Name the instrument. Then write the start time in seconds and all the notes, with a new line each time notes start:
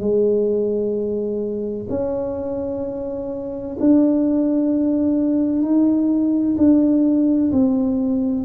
tuba
0.00 G#3
1.90 C#4
3.80 D4
5.62 D#4
6.58 D4
7.52 C4